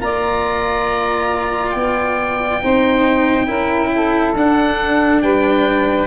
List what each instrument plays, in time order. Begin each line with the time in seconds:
0.00 tuba A#3, cello F4, saxophone D5, oboe A#5
1.71 tuba B3, oboe G5
2.62 tuba C4, cello D#4, saxophone C5
3.46 tuba C#4, cello E4, saxophone A#4
3.95 saxophone A4
4.35 tuba D4, cello D4, oboe F#5
5.22 tuba G3, saxophone B4, oboe G5